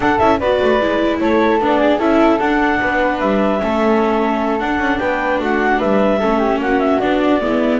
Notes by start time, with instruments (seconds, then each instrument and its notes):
0.00 viola D4, double bass D4, flute A4, clarinet F#5
0.18 double bass C#4, viola E4, clarinet E5
0.39 double bass B3, viola F#4, flute B4, clarinet D5
0.61 double bass A3
0.79 double bass G#3, viola E4
1.20 double bass A3, flute A4, clarinet C#5
1.60 double bass B3, viola D4, clarinet D5
1.79 flute G#4
1.98 double bass C#4, viola E4, flute A4, clarinet E5
2.39 viola D4, double bass D4, clarinet F#5
2.81 double bass B3, flute B4
3.19 double bass G3, clarinet E5
3.59 double bass A3, viola C#4, flute A4
4.59 viola D4, double bass D4, clarinet F#5
4.78 double bass C#4
4.98 double bass B3, flute B4, clarinet G5
5.39 double bass A3, flute F#4, clarinet F#5
5.78 double bass G3, flute B4, clarinet E5
6.18 double bass A3, viola C#4, flute A4
6.39 flute G4
6.58 double bass A#3, flute F#4, clarinet F#5
6.79 clarinet E5
6.99 double bass B3, viola D4, clarinet D5
7.41 double bass G#3, viola B3, flute E4